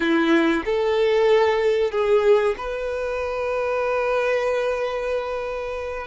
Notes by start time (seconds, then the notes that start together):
0.00 E4
0.65 A4
1.91 G#4
2.57 B4